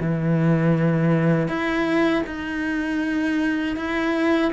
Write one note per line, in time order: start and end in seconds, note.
0.00 1.48 E3
1.48 2.23 E4
2.26 3.76 D#4
3.76 4.51 E4